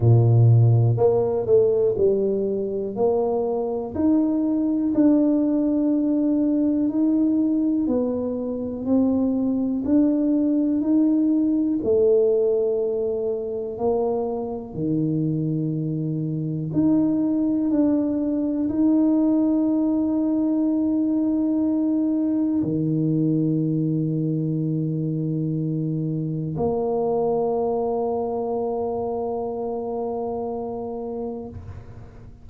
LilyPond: \new Staff \with { instrumentName = "tuba" } { \time 4/4 \tempo 4 = 61 ais,4 ais8 a8 g4 ais4 | dis'4 d'2 dis'4 | b4 c'4 d'4 dis'4 | a2 ais4 dis4~ |
dis4 dis'4 d'4 dis'4~ | dis'2. dis4~ | dis2. ais4~ | ais1 | }